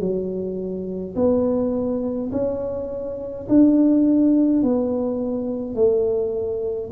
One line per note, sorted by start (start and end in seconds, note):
0.00 1.15 F#3
1.15 2.31 B3
2.32 3.47 C#4
3.49 4.63 D4
4.63 5.75 B3
5.75 6.90 A3